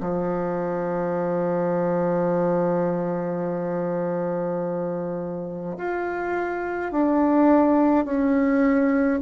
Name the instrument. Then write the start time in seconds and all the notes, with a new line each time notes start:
bassoon
0.00 F3
5.77 F4
6.92 D4
8.05 C#4